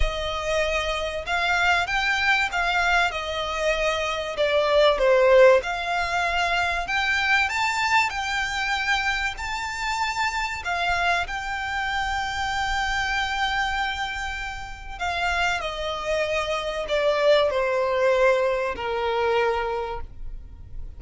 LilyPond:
\new Staff \with { instrumentName = "violin" } { \time 4/4 \tempo 4 = 96 dis''2 f''4 g''4 | f''4 dis''2 d''4 | c''4 f''2 g''4 | a''4 g''2 a''4~ |
a''4 f''4 g''2~ | g''1 | f''4 dis''2 d''4 | c''2 ais'2 | }